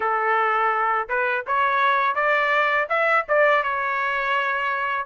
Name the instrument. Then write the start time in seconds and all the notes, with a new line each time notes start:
trumpet
0.00 A4
1.08 B4
1.46 C#5
2.15 D5
2.89 E5
3.28 D5
3.63 C#5